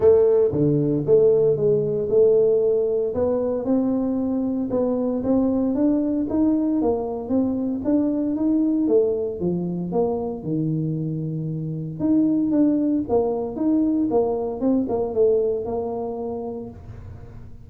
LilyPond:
\new Staff \with { instrumentName = "tuba" } { \time 4/4 \tempo 4 = 115 a4 d4 a4 gis4 | a2 b4 c'4~ | c'4 b4 c'4 d'4 | dis'4 ais4 c'4 d'4 |
dis'4 a4 f4 ais4 | dis2. dis'4 | d'4 ais4 dis'4 ais4 | c'8 ais8 a4 ais2 | }